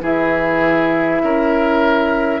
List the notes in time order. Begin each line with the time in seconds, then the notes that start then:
0.00 E3 E4 G#4 E5
1.23 C#4 A#4